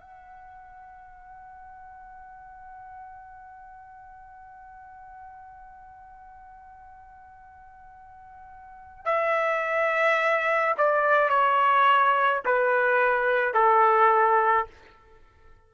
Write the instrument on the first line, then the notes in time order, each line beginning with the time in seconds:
trumpet
0.00 F#5
9.05 E5
10.78 D5
11.29 C#5
12.45 B4
13.54 A4